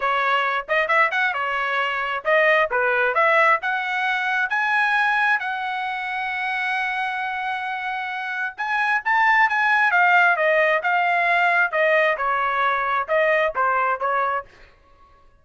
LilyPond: \new Staff \with { instrumentName = "trumpet" } { \time 4/4 \tempo 4 = 133 cis''4. dis''8 e''8 fis''8 cis''4~ | cis''4 dis''4 b'4 e''4 | fis''2 gis''2 | fis''1~ |
fis''2. gis''4 | a''4 gis''4 f''4 dis''4 | f''2 dis''4 cis''4~ | cis''4 dis''4 c''4 cis''4 | }